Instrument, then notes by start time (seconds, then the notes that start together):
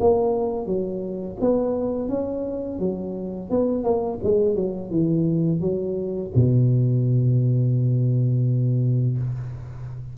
tuba
0.00 A#3
0.66 F#3
1.41 B3
2.09 C#4
2.79 F#3
3.50 B3
3.84 A#3
4.24 G#3
4.56 F#3
4.91 E3
5.61 F#3
6.35 B2